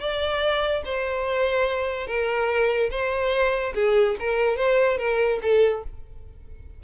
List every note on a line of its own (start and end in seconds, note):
0.00 0.83 D5
0.85 2.07 C5
2.07 2.90 A#4
2.91 3.74 C5
3.75 4.16 G#4
4.19 4.57 A#4
4.57 4.98 C5
4.98 5.39 A#4
5.42 5.84 A4